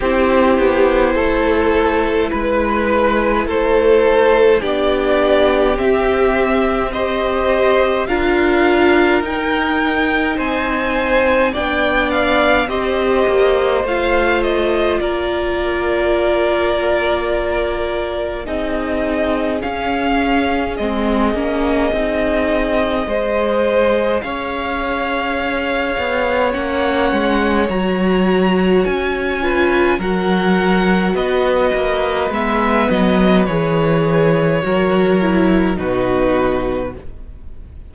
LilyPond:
<<
  \new Staff \with { instrumentName = "violin" } { \time 4/4 \tempo 4 = 52 c''2 b'4 c''4 | d''4 e''4 dis''4 f''4 | g''4 gis''4 g''8 f''8 dis''4 | f''8 dis''8 d''2. |
dis''4 f''4 dis''2~ | dis''4 f''2 fis''4 | ais''4 gis''4 fis''4 dis''4 | e''8 dis''8 cis''2 b'4 | }
  \new Staff \with { instrumentName = "violin" } { \time 4/4 g'4 a'4 b'4 a'4 | g'2 c''4 ais'4~ | ais'4 c''4 d''4 c''4~ | c''4 ais'2. |
gis'1 | c''4 cis''2.~ | cis''4. b'8 ais'4 b'4~ | b'2 ais'4 fis'4 | }
  \new Staff \with { instrumentName = "viola" } { \time 4/4 e'1 | d'4 c'4 g'4 f'4 | dis'2 d'4 g'4 | f'1 |
dis'4 cis'4 c'8 cis'8 dis'4 | gis'2. cis'4 | fis'4. f'8 fis'2 | b4 gis'4 fis'8 e'8 dis'4 | }
  \new Staff \with { instrumentName = "cello" } { \time 4/4 c'8 b8 a4 gis4 a4 | b4 c'2 d'4 | dis'4 c'4 b4 c'8 ais8 | a4 ais2. |
c'4 cis'4 gis8 ais8 c'4 | gis4 cis'4. b8 ais8 gis8 | fis4 cis'4 fis4 b8 ais8 | gis8 fis8 e4 fis4 b,4 | }
>>